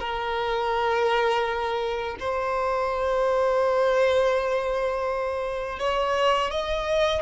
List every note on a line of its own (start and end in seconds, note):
0.00 2.17 A#4
2.20 5.80 C5
5.80 6.51 C#5
6.51 7.23 D#5